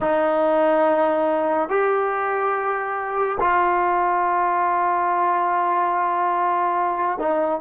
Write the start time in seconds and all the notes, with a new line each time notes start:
0.00 D#4
1.69 G4
3.40 F4
7.18 D#4